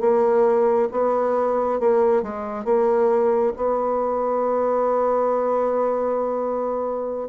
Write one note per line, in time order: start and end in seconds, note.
0.00 0.88 A#3
0.91 1.79 B3
1.79 2.22 A#3
2.22 2.64 G#3
2.64 3.53 A#3
3.56 7.28 B3